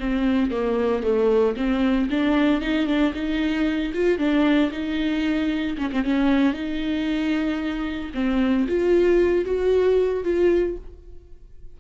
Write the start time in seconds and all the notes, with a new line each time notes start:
0.00 C4
0.51 A#3
1.03 A3
1.57 C4
2.11 D4
2.62 D#4
2.87 D4
3.14 D#4
3.94 F4
4.18 D4
4.72 D#4
5.78 C#4
5.92 C4
6.05 C#4
6.54 D#4
8.15 C4
8.68 F4
9.45 F#4
10.24 F4